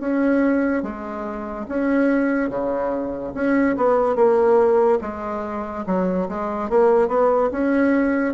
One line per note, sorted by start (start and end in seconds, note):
0.00 0.83 C#4
0.83 1.66 G#3
1.69 2.50 C#4
2.50 3.33 C#3
3.34 3.76 C#4
3.77 4.16 B3
4.16 4.99 A#3
5.02 5.85 G#3
5.86 6.28 F#3
6.28 6.70 G#3
6.70 7.08 A#3
7.08 7.50 B3
7.52 8.34 C#4